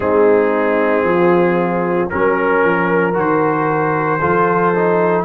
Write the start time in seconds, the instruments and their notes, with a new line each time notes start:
0.00 tuba G#3, trombone C4, horn D#4, trumpet G#4
1.03 tuba F3, horn F4
2.09 tuba F#3, trombone C#4, trumpet A#4, horn A#4
2.63 tuba F3
3.13 tuba D#3, trombone F#4, trumpet C5
4.20 tuba F3, trombone F4, horn A4
4.75 trombone D#4